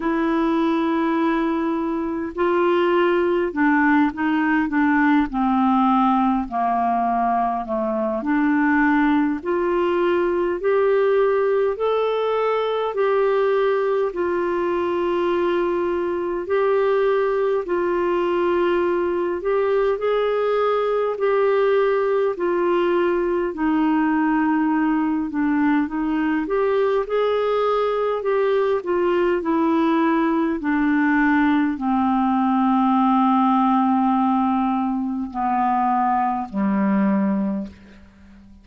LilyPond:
\new Staff \with { instrumentName = "clarinet" } { \time 4/4 \tempo 4 = 51 e'2 f'4 d'8 dis'8 | d'8 c'4 ais4 a8 d'4 | f'4 g'4 a'4 g'4 | f'2 g'4 f'4~ |
f'8 g'8 gis'4 g'4 f'4 | dis'4. d'8 dis'8 g'8 gis'4 | g'8 f'8 e'4 d'4 c'4~ | c'2 b4 g4 | }